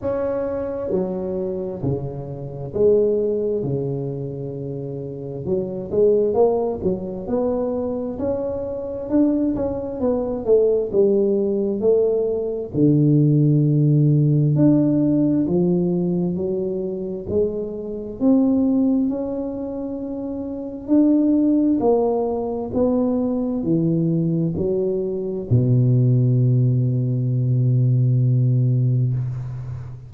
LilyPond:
\new Staff \with { instrumentName = "tuba" } { \time 4/4 \tempo 4 = 66 cis'4 fis4 cis4 gis4 | cis2 fis8 gis8 ais8 fis8 | b4 cis'4 d'8 cis'8 b8 a8 | g4 a4 d2 |
d'4 f4 fis4 gis4 | c'4 cis'2 d'4 | ais4 b4 e4 fis4 | b,1 | }